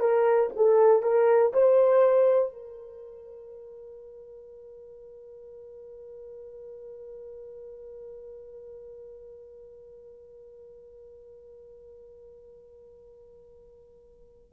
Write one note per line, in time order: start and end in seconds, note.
0.00 0.50 A#4
0.56 1.02 A4
1.02 1.52 A#4
1.53 2.53 C5
2.53 14.53 A#4